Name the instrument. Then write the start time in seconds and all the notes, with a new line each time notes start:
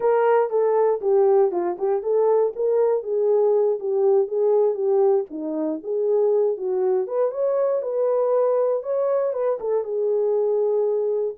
horn
0.00 A#4
0.50 A4
1.01 G4
1.51 F4
1.78 G4
2.02 A4
2.55 A#4
3.03 G#4
3.79 G4
4.27 G#4
4.74 G4
5.30 D#4
5.83 G#4
6.57 F#4
7.07 B4
7.31 C#5
7.82 B4
8.82 C#5
9.33 B4
9.60 A4
9.84 G#4